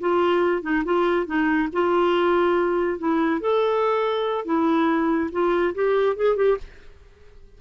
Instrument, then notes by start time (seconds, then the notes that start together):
clarinet
0.00 F4
0.62 D#4
0.84 F4
1.26 D#4
1.73 F4
2.98 E4
3.41 A4
4.45 E4
5.32 F4
5.74 G4
6.16 G#4
6.36 G4